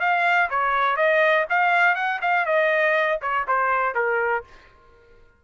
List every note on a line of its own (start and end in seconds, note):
0.00 0.49 F5
0.50 0.96 C#5
0.96 1.46 D#5
1.50 1.95 F5
1.95 2.20 F#5
2.22 2.45 F5
2.45 3.19 D#5
3.22 3.46 C#5
3.48 3.95 C5
3.95 4.44 A#4